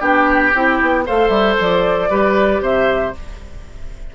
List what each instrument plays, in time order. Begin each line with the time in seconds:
0.00 bassoon B3, clarinet D4, oboe G4, flute G5
0.54 bassoon C4, clarinet E4
0.81 bassoon B3
1.06 bassoon A3, clarinet A4, oboe C5, flute F5
1.28 bassoon G3, flute E5
1.60 bassoon F3, flute D5
2.10 bassoon G3, clarinet G4, oboe B4
2.60 bassoon C3, oboe C5, flute E5